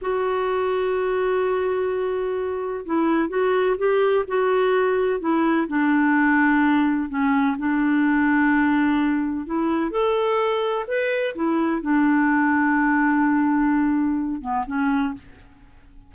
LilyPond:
\new Staff \with { instrumentName = "clarinet" } { \time 4/4 \tempo 4 = 127 fis'1~ | fis'2 e'4 fis'4 | g'4 fis'2 e'4 | d'2. cis'4 |
d'1 | e'4 a'2 b'4 | e'4 d'2.~ | d'2~ d'8 b8 cis'4 | }